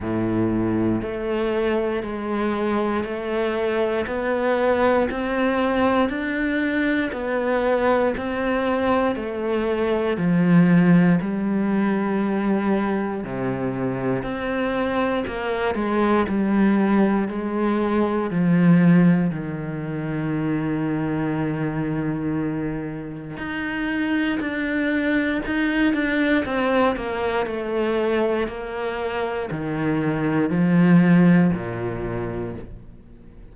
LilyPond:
\new Staff \with { instrumentName = "cello" } { \time 4/4 \tempo 4 = 59 a,4 a4 gis4 a4 | b4 c'4 d'4 b4 | c'4 a4 f4 g4~ | g4 c4 c'4 ais8 gis8 |
g4 gis4 f4 dis4~ | dis2. dis'4 | d'4 dis'8 d'8 c'8 ais8 a4 | ais4 dis4 f4 ais,4 | }